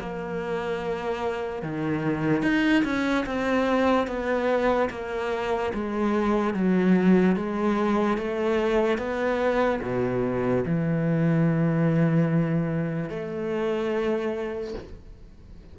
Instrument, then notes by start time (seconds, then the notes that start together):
cello
0.00 A#3
1.63 D#3
2.42 D#4
2.84 C#4
3.26 C4
4.07 B3
4.90 A#3
5.74 G#3
6.54 F#3
7.36 G#3
8.17 A3
8.98 B3
9.82 B2
10.66 E3
13.10 A3